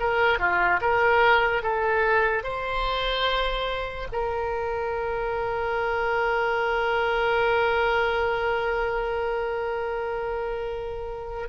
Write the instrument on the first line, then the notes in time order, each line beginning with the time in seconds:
oboe
0.00 A#4
0.39 F4
0.81 A#4
1.63 A4
2.44 C5
4.12 A#4